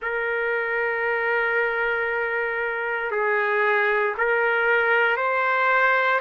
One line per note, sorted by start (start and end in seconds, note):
0.02 3.11 A#4
3.11 4.14 G#4
4.17 5.16 A#4
5.16 6.20 C5